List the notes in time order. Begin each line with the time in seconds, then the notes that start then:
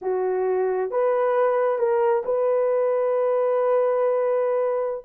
0.01 F#4
0.90 B4
1.78 A#4
2.24 B4